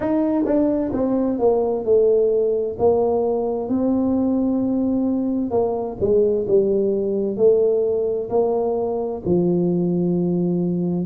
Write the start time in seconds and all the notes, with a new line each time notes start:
0.00 D#4
0.45 D4
0.92 C4
1.38 A#3
1.84 A3
2.78 A#3
3.68 C4
5.50 A#3
6.00 G#3
6.47 G3
7.36 A3
8.29 A#3
9.25 F3